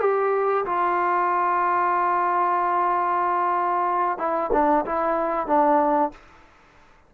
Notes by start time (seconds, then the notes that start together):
0.00 G4
0.65 F4
4.18 E4
4.52 D4
4.85 E4
5.47 D4